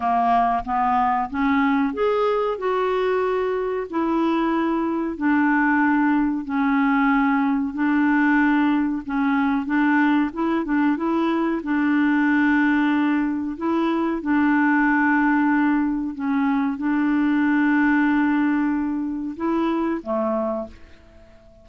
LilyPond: \new Staff \with { instrumentName = "clarinet" } { \time 4/4 \tempo 4 = 93 ais4 b4 cis'4 gis'4 | fis'2 e'2 | d'2 cis'2 | d'2 cis'4 d'4 |
e'8 d'8 e'4 d'2~ | d'4 e'4 d'2~ | d'4 cis'4 d'2~ | d'2 e'4 a4 | }